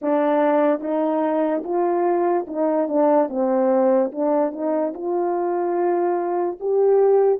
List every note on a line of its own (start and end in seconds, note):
0.01 0.80 D4
0.80 1.62 D#4
1.64 2.46 F4
2.47 2.88 D#4
2.88 3.29 D4
3.29 4.11 C4
4.11 4.52 D4
4.52 4.93 D#4
4.94 6.58 F4
6.60 7.39 G4